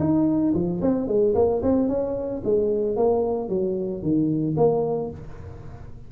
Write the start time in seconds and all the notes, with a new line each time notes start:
0.00 D#4
0.54 F3
0.82 C4
1.08 G#3
1.35 A#3
1.63 C4
1.89 C#4
2.45 G#3
2.97 A#3
3.49 F#3
4.03 D#3
4.57 A#3